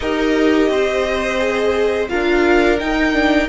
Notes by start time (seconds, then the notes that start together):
0.00 D#4 G4 A#4 D#5
0.69 C4 C5
1.38 G#4
2.08 D4 F4 A#4 F5
2.79 D#4 G5
3.12 D4